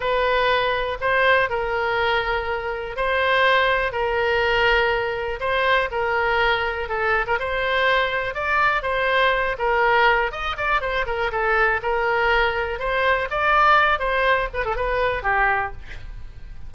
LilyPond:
\new Staff \with { instrumentName = "oboe" } { \time 4/4 \tempo 4 = 122 b'2 c''4 ais'4~ | ais'2 c''2 | ais'2. c''4 | ais'2 a'8. ais'16 c''4~ |
c''4 d''4 c''4. ais'8~ | ais'4 dis''8 d''8 c''8 ais'8 a'4 | ais'2 c''4 d''4~ | d''8 c''4 b'16 a'16 b'4 g'4 | }